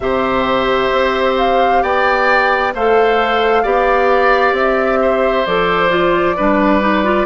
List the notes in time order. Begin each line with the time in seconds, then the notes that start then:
0.00 C3 G4 C5 E5
0.91 C4
1.37 F5
1.82 B3 D5 G5
2.74 A3 A4 C5 F5
3.62 B3 G4 D5
4.52 C4 E5
5.01 C5
5.45 F3 A4 D5
5.89 F4
6.36 G3 D4 B4
6.80 D#4
7.04 F4